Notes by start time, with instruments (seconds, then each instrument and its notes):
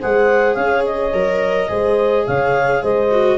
0.00 tuba G#3, viola G#4, horn C5, clarinet F#5
0.54 tuba C#4, horn C#5, clarinet F5
0.85 clarinet D#5
1.13 tuba F#3, viola A#4
1.68 tuba G#3, viola G#4, horn C5
2.26 tuba C#3, horn C#5, clarinet F5
2.82 tuba G#3, horn C5, clarinet D#5
3.11 viola F#4